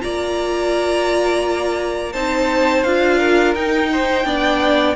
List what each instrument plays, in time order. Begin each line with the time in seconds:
0.00 cello A#3, viola F4, violin D5 A#5
2.13 cello C4, viola D#4, violin C5 A5
2.83 cello D4, viola F4, violin F5
3.18 violin A#4
3.55 cello D#4, viola D#4, violin G5
3.92 violin C5
4.24 cello B3, viola D4, violin D5